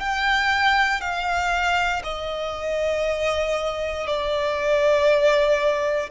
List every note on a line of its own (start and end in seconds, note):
0.00 1.01 G5
1.01 2.03 F5
2.04 4.07 D#5
4.07 6.10 D5